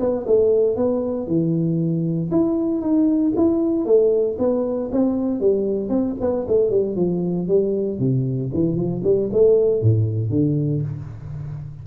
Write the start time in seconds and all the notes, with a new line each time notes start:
0.00 B3
0.27 A3
0.76 B3
1.27 E3
2.31 E4
2.81 D#4
3.36 E4
3.86 A3
4.39 B3
4.92 C4
5.41 G3
5.89 C4
6.21 B3
6.48 A3
6.70 G3
6.96 F3
7.48 G3
7.99 C3
8.54 E3
8.76 F3
9.04 G3
9.33 A3
9.82 A2
10.30 D3